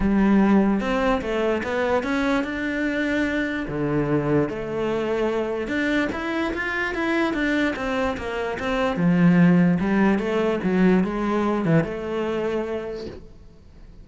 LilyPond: \new Staff \with { instrumentName = "cello" } { \time 4/4 \tempo 4 = 147 g2 c'4 a4 | b4 cis'4 d'2~ | d'4 d2 a4~ | a2 d'4 e'4 |
f'4 e'4 d'4 c'4 | ais4 c'4 f2 | g4 a4 fis4 gis4~ | gis8 e8 a2. | }